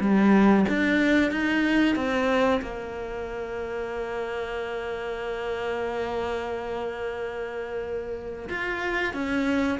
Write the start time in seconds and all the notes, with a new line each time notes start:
0.00 G3
0.69 D4
1.31 D#4
1.96 C4
2.62 A#3
8.49 F4
9.14 C#4